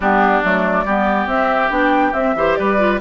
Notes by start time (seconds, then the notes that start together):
0.00 G3 B3 D4 G4
0.43 F#3 A3 D5
0.84 G3 B3 G4
1.26 C4 E5
1.69 B3 D4 G5
2.13 C4 E5
2.35 E3 G4 C5
2.55 G3 B4 D5
2.77 F4